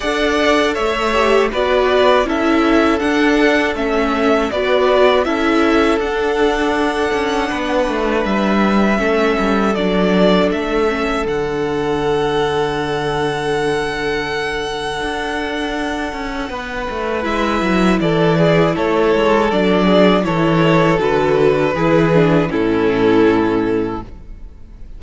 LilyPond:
<<
  \new Staff \with { instrumentName = "violin" } { \time 4/4 \tempo 4 = 80 fis''4 e''4 d''4 e''4 | fis''4 e''4 d''4 e''4 | fis''2. e''4~ | e''4 d''4 e''4 fis''4~ |
fis''1~ | fis''2. e''4 | d''4 cis''4 d''4 cis''4 | b'2 a'2 | }
  \new Staff \with { instrumentName = "violin" } { \time 4/4 d''4 cis''4 b'4 a'4~ | a'2 b'4 a'4~ | a'2 b'2 | a'1~ |
a'1~ | a'2 b'2 | a'8 gis'8 a'4. gis'8 a'4~ | a'4 gis'4 e'2 | }
  \new Staff \with { instrumentName = "viola" } { \time 4/4 a'4. g'8 fis'4 e'4 | d'4 cis'4 fis'4 e'4 | d'1 | cis'4 d'4. cis'8 d'4~ |
d'1~ | d'2. e'4~ | e'2 d'4 e'4 | fis'4 e'8 d'8 cis'2 | }
  \new Staff \with { instrumentName = "cello" } { \time 4/4 d'4 a4 b4 cis'4 | d'4 a4 b4 cis'4 | d'4. cis'8 b8 a8 g4 | a8 g8 fis4 a4 d4~ |
d1 | d'4. cis'8 b8 a8 gis8 fis8 | e4 a8 gis8 fis4 e4 | d4 e4 a,2 | }
>>